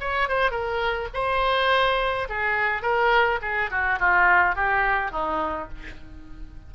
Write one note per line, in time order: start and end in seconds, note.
0.00 0.28 C#5
0.28 0.51 C5
0.51 1.08 A#4
1.14 2.28 C5
2.29 2.82 G#4
2.82 3.39 A#4
3.41 3.70 G#4
3.70 3.99 F#4
3.99 4.55 F4
4.55 5.11 G4
5.11 5.68 D#4